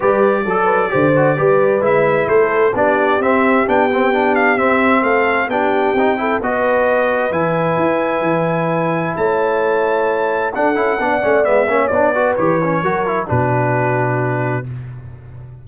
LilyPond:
<<
  \new Staff \with { instrumentName = "trumpet" } { \time 4/4 \tempo 4 = 131 d''1 | e''4 c''4 d''4 e''4 | g''4. f''8 e''4 f''4 | g''2 dis''2 |
gis''1 | a''2. fis''4~ | fis''4 e''4 d''4 cis''4~ | cis''4 b'2. | }
  \new Staff \with { instrumentName = "horn" } { \time 4/4 b'4 a'8 b'8 c''4 b'4~ | b'4 a'4 g'2~ | g'2. a'4 | g'4. a'8 b'2~ |
b'1 | cis''2. a'4 | d''4. cis''4 b'4. | ais'4 fis'2. | }
  \new Staff \with { instrumentName = "trombone" } { \time 4/4 g'4 a'4 g'8 fis'8 g'4 | e'2 d'4 c'4 | d'8 c'8 d'4 c'2 | d'4 dis'8 e'8 fis'2 |
e'1~ | e'2. d'8 e'8 | d'8 cis'8 b8 cis'8 d'8 fis'8 g'8 cis'8 | fis'8 e'8 d'2. | }
  \new Staff \with { instrumentName = "tuba" } { \time 4/4 g4 fis4 d4 g4 | gis4 a4 b4 c'4 | b2 c'4 a4 | b4 c'4 b2 |
e4 e'4 e2 | a2. d'8 cis'8 | b8 a8 gis8 ais8 b4 e4 | fis4 b,2. | }
>>